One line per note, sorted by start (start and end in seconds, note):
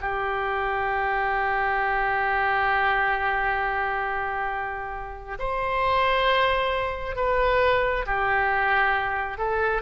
0.00 5.37 G4
5.39 7.16 C5
7.16 8.05 B4
8.06 9.37 G4
9.37 9.81 A4